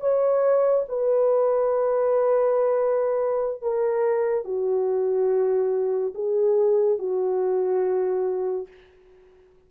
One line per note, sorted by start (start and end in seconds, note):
0.00 0.85 C#5
0.88 3.61 B4
3.61 4.44 A#4
4.44 6.13 F#4
6.14 6.98 G#4
6.98 8.67 F#4